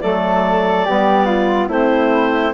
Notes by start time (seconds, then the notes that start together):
0.00 F#3 A3 A4 D5
0.86 G3 B3 G4
1.26 F4
1.68 A3 C4 E4 C5